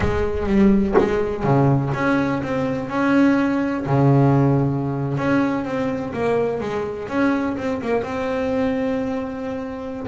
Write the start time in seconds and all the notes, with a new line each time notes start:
0.00 G#3
0.46 G3
0.98 G#3
1.43 C#3
1.94 C#4
2.42 C4
2.89 C#4
3.85 C#3
5.17 C#4
5.64 C4
6.13 A#3
6.60 G#3
7.08 C#4
7.57 C4
7.81 A#3
8.02 C4